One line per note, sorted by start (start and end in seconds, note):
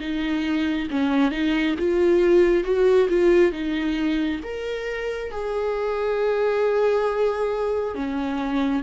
0.00 0.88 D#4
0.90 1.31 C#4
1.31 1.75 D#4
1.79 2.64 F4
2.64 3.08 F#4
3.09 3.52 F4
3.52 4.40 D#4
4.43 5.31 A#4
5.31 7.95 G#4
7.95 8.83 C#4